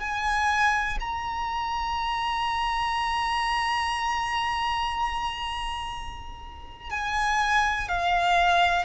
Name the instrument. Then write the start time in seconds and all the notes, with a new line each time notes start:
violin
0.00 G#5
1.01 A#5
6.90 G#5
7.89 F5